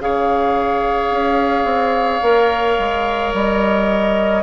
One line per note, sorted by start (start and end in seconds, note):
0.00 1.11 C#3
0.00 2.22 G#4
0.00 4.44 C#5
0.00 3.35 F5
1.11 1.65 C#4
1.65 2.20 C4
2.22 2.78 A#3
2.22 4.44 A#4
2.79 3.34 G#3
3.34 4.44 G3
3.34 4.44 D#5